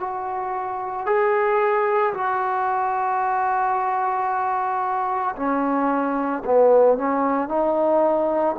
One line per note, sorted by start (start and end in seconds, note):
0.00 1.06 F#4
1.06 2.13 G#4
2.14 5.36 F#4
5.36 6.43 C#4
6.45 6.98 B3
6.98 7.49 C#4
7.49 8.56 D#4